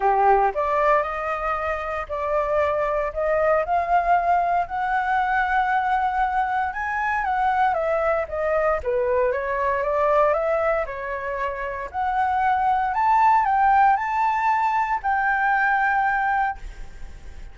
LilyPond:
\new Staff \with { instrumentName = "flute" } { \time 4/4 \tempo 4 = 116 g'4 d''4 dis''2 | d''2 dis''4 f''4~ | f''4 fis''2.~ | fis''4 gis''4 fis''4 e''4 |
dis''4 b'4 cis''4 d''4 | e''4 cis''2 fis''4~ | fis''4 a''4 g''4 a''4~ | a''4 g''2. | }